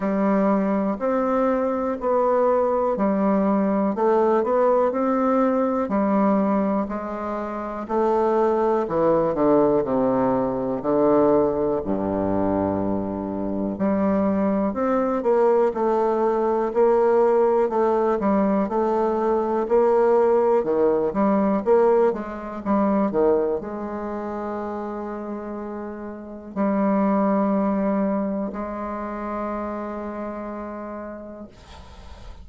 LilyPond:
\new Staff \with { instrumentName = "bassoon" } { \time 4/4 \tempo 4 = 61 g4 c'4 b4 g4 | a8 b8 c'4 g4 gis4 | a4 e8 d8 c4 d4 | g,2 g4 c'8 ais8 |
a4 ais4 a8 g8 a4 | ais4 dis8 g8 ais8 gis8 g8 dis8 | gis2. g4~ | g4 gis2. | }